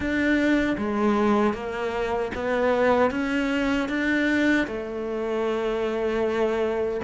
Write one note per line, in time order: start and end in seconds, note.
0.00 0.76 D4
0.77 1.53 G#3
1.53 2.31 A#3
2.34 3.10 B3
3.10 3.88 C#4
3.89 4.66 D4
4.67 7.01 A3